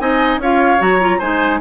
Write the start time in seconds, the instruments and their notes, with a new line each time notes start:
0.00 bassoon C4, clarinet D#4, oboe D#5, flute G#5
0.38 bassoon C#4, clarinet F4, oboe C#5, flute F5
0.79 bassoon F#3, clarinet F#4, flute A#5
1.00 clarinet F4
1.19 bassoon G#3, clarinet D#4, oboe C5, flute G#5